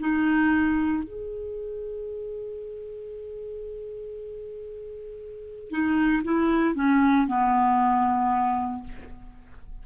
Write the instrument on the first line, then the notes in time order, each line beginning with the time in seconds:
clarinet
0.00 D#4
1.04 G#4
5.70 D#4
6.24 E4
6.75 C#4
7.28 B3